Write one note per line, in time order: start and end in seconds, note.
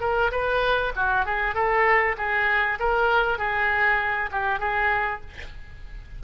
0.00 0.31 A#4
0.31 0.92 B4
0.95 1.25 F#4
1.25 1.54 G#4
1.54 2.16 A4
2.17 2.78 G#4
2.79 3.38 A#4
3.38 4.30 G#4
4.31 4.59 G4
4.59 5.20 G#4